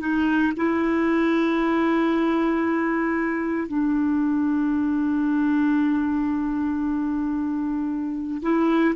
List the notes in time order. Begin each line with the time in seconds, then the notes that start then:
0.00 D#4
0.57 E4
3.68 D4
8.42 E4